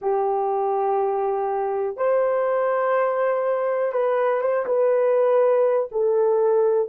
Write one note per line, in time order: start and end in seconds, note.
0.01 1.97 G4
1.97 3.92 C5
3.92 4.41 B4
4.41 4.65 C5
4.66 5.89 B4
5.91 6.89 A4